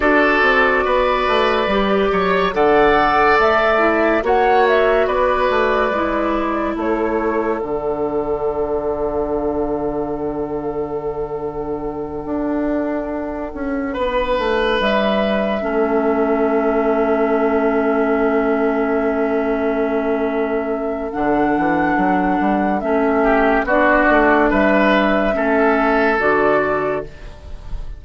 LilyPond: <<
  \new Staff \with { instrumentName = "flute" } { \time 4/4 \tempo 4 = 71 d''2. fis''4 | e''4 fis''8 e''8 d''2 | cis''4 fis''2.~ | fis''1~ |
fis''4. e''2~ e''8~ | e''1~ | e''4 fis''2 e''4 | d''4 e''2 d''4 | }
  \new Staff \with { instrumentName = "oboe" } { \time 4/4 a'4 b'4. cis''8 d''4~ | d''4 cis''4 b'2 | a'1~ | a'1~ |
a'8 b'2 a'4.~ | a'1~ | a'2.~ a'8 g'8 | fis'4 b'4 a'2 | }
  \new Staff \with { instrumentName = "clarinet" } { \time 4/4 fis'2 g'4 a'4~ | a'8 e'8 fis'2 e'4~ | e'4 d'2.~ | d'1~ |
d'2~ d'8 cis'4.~ | cis'1~ | cis'4 d'2 cis'4 | d'2 cis'4 fis'4 | }
  \new Staff \with { instrumentName = "bassoon" } { \time 4/4 d'8 c'8 b8 a8 g8 fis8 d4 | a4 ais4 b8 a8 gis4 | a4 d2.~ | d2~ d8 d'4. |
cis'8 b8 a8 g4 a4.~ | a1~ | a4 d8 e8 fis8 g8 a4 | b8 a8 g4 a4 d4 | }
>>